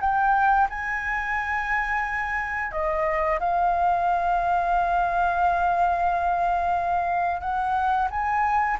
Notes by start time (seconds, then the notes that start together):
0.00 G5
0.69 G#5
2.71 D#5
3.39 F5
7.41 F#5
8.10 G#5